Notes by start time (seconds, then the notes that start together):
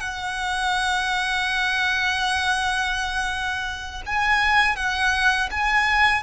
0.00 F#5
4.06 G#5
4.76 F#5
5.51 G#5